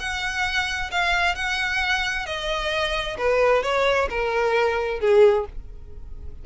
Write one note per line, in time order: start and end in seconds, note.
0.00 0.91 F#5
0.92 1.36 F5
1.36 2.26 F#5
2.26 3.17 D#5
3.18 3.63 B4
3.63 4.09 C#5
4.10 5.01 A#4
5.01 5.46 G#4